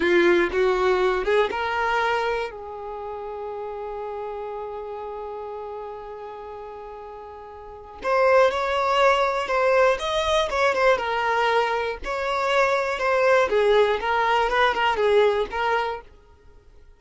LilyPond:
\new Staff \with { instrumentName = "violin" } { \time 4/4 \tempo 4 = 120 f'4 fis'4. gis'8 ais'4~ | ais'4 gis'2.~ | gis'1~ | gis'1 |
c''4 cis''2 c''4 | dis''4 cis''8 c''8 ais'2 | cis''2 c''4 gis'4 | ais'4 b'8 ais'8 gis'4 ais'4 | }